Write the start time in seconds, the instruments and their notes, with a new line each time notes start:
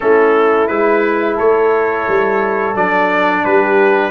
0.00 tuba A3, trombone C#4, horn E4, trumpet A4
0.67 tuba G#3, trombone E4, trumpet B4
1.35 tuba A3, horn A4, trumpet C#5
2.07 tuba G3
2.75 tuba F#3, trombone D4, trumpet D5
3.44 tuba G3, horn G4, trumpet B4